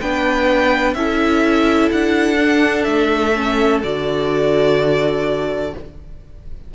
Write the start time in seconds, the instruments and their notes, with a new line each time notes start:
0.00 cello B3, viola D4, violin B4 G5
0.94 cello C#4, viola E4, violin A4 E5
1.92 cello D4, violin F#5
2.37 viola D4
2.84 cello A3, violin E5
3.36 viola C#4
3.84 cello D3, viola F#4, violin D5